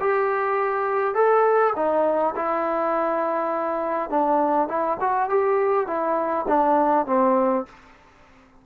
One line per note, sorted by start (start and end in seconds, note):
0.00 1.14 G4
1.14 1.73 A4
1.75 2.34 D#4
2.36 4.10 E4
4.10 4.68 D4
4.68 4.98 E4
5.00 5.29 F#4
5.29 5.87 G4
5.87 6.46 E4
6.48 7.06 D4
7.06 7.65 C4